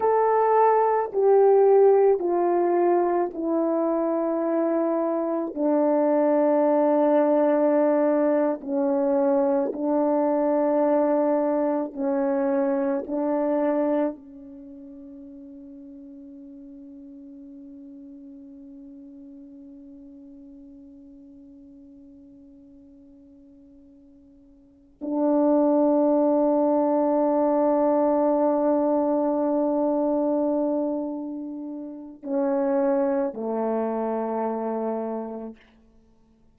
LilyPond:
\new Staff \with { instrumentName = "horn" } { \time 4/4 \tempo 4 = 54 a'4 g'4 f'4 e'4~ | e'4 d'2~ d'8. cis'16~ | cis'8. d'2 cis'4 d'16~ | d'8. cis'2.~ cis'16~ |
cis'1~ | cis'2~ cis'8 d'4.~ | d'1~ | d'4 cis'4 a2 | }